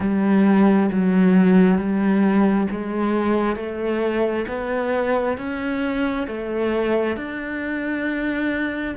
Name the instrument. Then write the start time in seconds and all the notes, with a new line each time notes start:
cello
0.00 G3
0.91 F#3
1.77 G3
2.70 G#3
3.56 A3
4.48 B3
5.37 C#4
6.27 A3
7.16 D4